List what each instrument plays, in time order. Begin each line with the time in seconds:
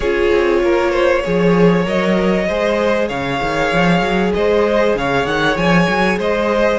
0.00 cello C#4, viola F4, violin G#4 C#5
0.32 cello C4
0.62 cello A#3, violin A#4
0.91 violin C5
1.24 cello F3, viola G#4, violin C#5
1.83 cello F#3, viola A#4, violin D#5
2.48 cello G#3, viola G#4, violin C5
3.08 cello C#3, violin C#5 F5
3.42 cello D#3
3.72 cello F3
4.01 cello F#3
4.33 cello G#3, violin C5 D#5
4.94 cello C#3, violin C#5 F5
5.25 cello D#3, violin F#5
5.56 cello F3, violin G#5
5.88 cello F#3
6.18 cello G#3, violin C5 D#5